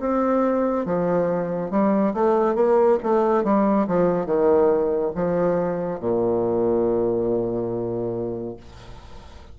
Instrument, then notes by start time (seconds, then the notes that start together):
bassoon
0.00 C4
0.86 F3
1.71 G3
2.14 A3
2.56 A#3
3.04 A3
3.44 G3
3.88 F3
4.26 D#3
5.15 F3
6.00 A#2